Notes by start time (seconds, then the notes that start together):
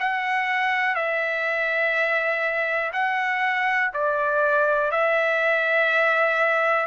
0.00 F#5
0.96 E5
2.93 F#5
3.94 D5
4.91 E5